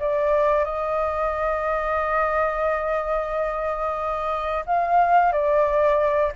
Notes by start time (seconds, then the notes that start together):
0.00 D5
0.65 D#5
4.66 F5
5.33 D5